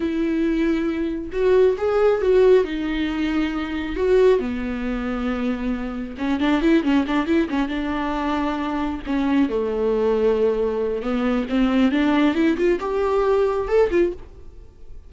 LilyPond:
\new Staff \with { instrumentName = "viola" } { \time 4/4 \tempo 4 = 136 e'2. fis'4 | gis'4 fis'4 dis'2~ | dis'4 fis'4 b2~ | b2 cis'8 d'8 e'8 cis'8 |
d'8 e'8 cis'8 d'2~ d'8~ | d'8 cis'4 a2~ a8~ | a4 b4 c'4 d'4 | e'8 f'8 g'2 a'8 f'8 | }